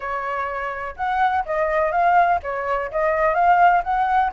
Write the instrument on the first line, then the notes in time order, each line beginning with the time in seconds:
flute
0.00 C#5
0.96 F#5
1.45 D#5
1.91 F5
2.42 C#5
2.91 D#5
3.34 F5
3.83 F#5